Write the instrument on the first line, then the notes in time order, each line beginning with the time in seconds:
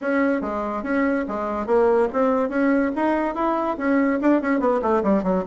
bassoon
0.01 C#4
0.41 G#3
0.83 C#4
1.28 G#3
1.66 A#3
2.12 C4
2.49 C#4
2.95 D#4
3.35 E4
3.77 C#4
4.21 D4
4.41 C#4
4.60 B3
4.81 A3
5.03 G3
5.23 F#3